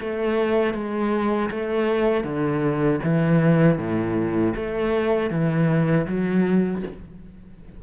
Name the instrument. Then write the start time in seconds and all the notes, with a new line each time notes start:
cello
0.00 A3
0.74 G#3
1.50 A3
2.24 D3
3.03 E3
3.78 A2
4.55 A3
5.30 E3
6.07 F#3